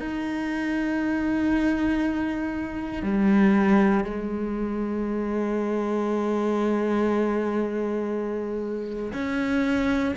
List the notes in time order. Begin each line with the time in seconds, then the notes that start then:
0.00 D#4
3.02 G3
4.04 G#3
9.13 C#4